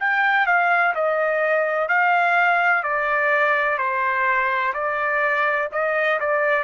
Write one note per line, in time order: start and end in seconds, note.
0.00 0.46 G5
0.46 0.94 F5
0.95 1.88 D#5
1.88 2.83 F5
2.83 3.78 D5
3.78 4.73 C5
4.74 5.69 D5
5.72 6.19 D#5
6.20 6.64 D5